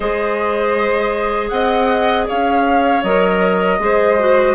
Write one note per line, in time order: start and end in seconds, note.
0.00 1.50 G#3
0.00 3.02 G#4
0.00 1.50 C5
0.00 1.49 D#5
1.49 2.26 C4
1.49 2.27 D#5
1.49 2.25 F#5
2.27 3.03 C#4
2.27 3.79 C#5
2.27 3.03 F5
3.03 3.79 F#3
3.03 3.79 A#4
3.03 4.55 D#5
3.79 4.55 G#3
3.79 4.17 G#4
3.79 4.55 C5
4.18 4.55 F#4